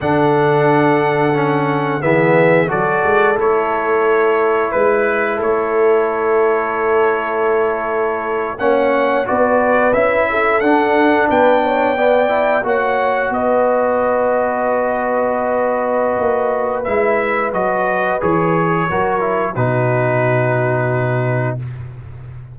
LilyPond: <<
  \new Staff \with { instrumentName = "trumpet" } { \time 4/4 \tempo 4 = 89 fis''2. e''4 | d''4 cis''2 b'4 | cis''1~ | cis''8. fis''4 d''4 e''4 fis''16~ |
fis''8. g''2 fis''4 dis''16~ | dis''1~ | dis''4 e''4 dis''4 cis''4~ | cis''4 b'2. | }
  \new Staff \with { instrumentName = "horn" } { \time 4/4 a'2. gis'4 | a'2. b'4 | a'1~ | a'8. cis''4 b'4. a'8.~ |
a'8. b'8 cis''8 d''4 cis''4 b'16~ | b'1~ | b'1 | ais'4 fis'2. | }
  \new Staff \with { instrumentName = "trombone" } { \time 4/4 d'2 cis'4 b4 | fis'4 e'2.~ | e'1~ | e'8. cis'4 fis'4 e'4 d'16~ |
d'4.~ d'16 b8 e'8 fis'4~ fis'16~ | fis'1~ | fis'4 e'4 fis'4 gis'4 | fis'8 e'8 dis'2. | }
  \new Staff \with { instrumentName = "tuba" } { \time 4/4 d2. e4 | fis8 gis8 a2 gis4 | a1~ | a8. ais4 b4 cis'4 d'16~ |
d'8. b2 ais4 b16~ | b1 | ais4 gis4 fis4 e4 | fis4 b,2. | }
>>